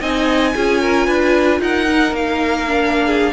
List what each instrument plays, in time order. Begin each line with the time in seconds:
0.00 cello C4, viola D#4, violin D#5 G#5
0.55 cello C#4, viola F4, violin G#4
0.81 violin A#4
1.07 cello D4, violin B4
1.60 cello D#4, violin A#4 F#5
1.88 viola D#4
2.12 cello A#3, violin F5
2.67 viola D4
3.06 violin G#4